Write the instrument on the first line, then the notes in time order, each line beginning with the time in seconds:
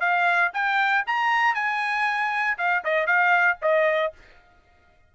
trumpet
0.00 F5
0.53 G5
1.07 A#5
1.55 G#5
2.58 F5
2.84 D#5
3.07 F5
3.62 D#5